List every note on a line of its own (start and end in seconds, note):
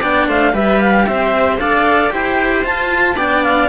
0.00 0.28 B3
0.00 0.53 D4
0.00 0.26 D5
0.00 0.28 G5
0.28 0.54 A3
0.28 0.53 C5
0.28 0.55 F5
0.53 1.06 G3
0.53 1.58 G4
0.53 1.05 B4
0.53 0.81 E5
0.81 1.06 F5
1.06 1.59 C4
1.06 1.60 C5
1.06 1.59 E5
1.59 2.12 D4
1.59 2.10 A4
1.59 2.13 D5
1.59 2.12 F5
2.10 2.64 E4
2.10 2.63 G4
2.10 3.16 C5
2.10 2.65 G5
2.64 3.17 F4
2.64 3.15 F4
2.64 3.18 A5
3.15 3.68 B3
3.15 3.69 D4
3.15 3.69 D5
3.15 3.44 G5
3.44 3.69 F5